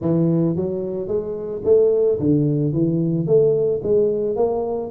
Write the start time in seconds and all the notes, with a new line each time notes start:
0.01 E3
0.56 F#3
1.07 G#3
1.64 A3
2.19 D3
2.72 E3
3.26 A3
3.83 G#3
4.36 A#3